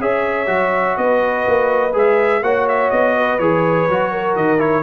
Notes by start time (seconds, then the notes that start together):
0.00 C#4 G#4 C#5 E5
0.46 F#3 F#4
0.97 B3 B4 D#5
1.47 A#3
1.93 G#3 G#4 E5
2.42 A#3 F#4 C#5 F#5
2.68 E5
2.90 B3 D#5
3.16 B4
3.39 E3 G#4 C#5
3.89 F#3 F#4
4.12 A#4
4.36 D#3 D#5
4.58 E4 C#5